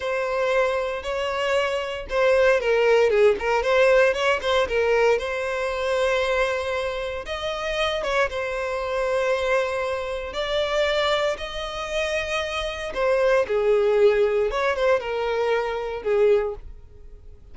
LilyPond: \new Staff \with { instrumentName = "violin" } { \time 4/4 \tempo 4 = 116 c''2 cis''2 | c''4 ais'4 gis'8 ais'8 c''4 | cis''8 c''8 ais'4 c''2~ | c''2 dis''4. cis''8 |
c''1 | d''2 dis''2~ | dis''4 c''4 gis'2 | cis''8 c''8 ais'2 gis'4 | }